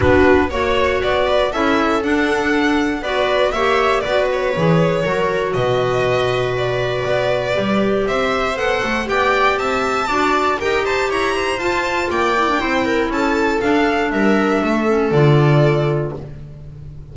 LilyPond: <<
  \new Staff \with { instrumentName = "violin" } { \time 4/4 \tempo 4 = 119 b'4 cis''4 d''4 e''4 | fis''2 d''4 e''4 | d''8 cis''2~ cis''8 dis''4~ | dis''4 d''2. |
e''4 fis''4 g''4 a''4~ | a''4 g''8 a''8 ais''4 a''4 | g''2 a''4 f''4 | e''2 d''2 | }
  \new Staff \with { instrumentName = "viola" } { \time 4/4 fis'4 cis''4. b'8 a'4~ | a'2 b'4 cis''4 | b'2 ais'4 b'4~ | b'1 |
c''2 d''4 e''4 | d''4 ais'8 c''8 cis''8 c''4. | d''4 c''8 ais'8 a'2 | ais'4 a'2. | }
  \new Staff \with { instrumentName = "clarinet" } { \time 4/4 d'4 fis'2 e'4 | d'2 fis'4 g'4 | fis'4 gis'4 fis'2~ | fis'2. g'4~ |
g'4 a'4 g'2 | fis'4 g'2 f'4~ | f'8 e'16 d'16 e'2 d'4~ | d'4. cis'8 f'2 | }
  \new Staff \with { instrumentName = "double bass" } { \time 4/4 b4 ais4 b4 cis'4 | d'2 b4 ais4 | b4 e4 fis4 b,4~ | b,2 b4 g4 |
c'4 b8 a8 b4 c'4 | d'4 dis'4 e'4 f'4 | ais4 c'4 cis'4 d'4 | g4 a4 d2 | }
>>